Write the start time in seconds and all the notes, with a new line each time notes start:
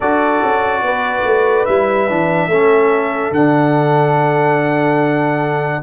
0.00 D4 F#4 A4 D5
0.42 C#4
0.82 B3 B4
1.24 A3
1.65 G3 E4 E5
2.08 E3 D4
2.47 A3 C#4 A4
3.31 D3 D4 F#5